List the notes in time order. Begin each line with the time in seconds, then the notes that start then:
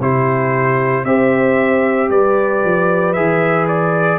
0.00 C3 E4 G4 C5
1.05 C4 G4 C5 E5
2.10 G3 B4 D5
2.64 F3
3.13 E3 G#4 E5
3.68 D5